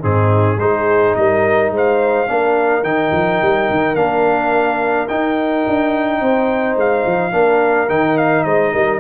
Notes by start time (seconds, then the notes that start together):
0.00 G#2 C4 D#4 G#4
0.56 G#3 D#4 G#4 C5
1.15 G3 A#4 D#5
1.70 G#3 C5
1.77 F5
2.27 A#3 D4 A#4
2.83 D#3 D#4 G5
3.12 F3
3.42 G3
3.70 D#3
3.95 A#3 D4 F5
5.08 D#4 G5
5.67 D4
6.20 C4 C5
6.76 G#3 F5
7.06 F3
7.32 A#3 D4 A#4
7.89 D#3 D#4 G5
8.17 F5
8.43 G#3 C5 D#5
8.73 G3 A#4